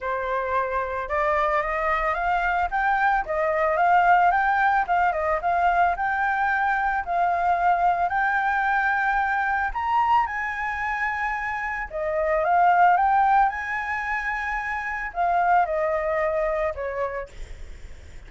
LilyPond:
\new Staff \with { instrumentName = "flute" } { \time 4/4 \tempo 4 = 111 c''2 d''4 dis''4 | f''4 g''4 dis''4 f''4 | g''4 f''8 dis''8 f''4 g''4~ | g''4 f''2 g''4~ |
g''2 ais''4 gis''4~ | gis''2 dis''4 f''4 | g''4 gis''2. | f''4 dis''2 cis''4 | }